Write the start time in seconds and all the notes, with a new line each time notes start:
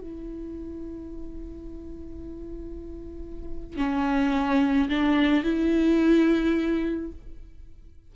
0.00 E4
3.76 C#4
4.89 D4
5.43 E4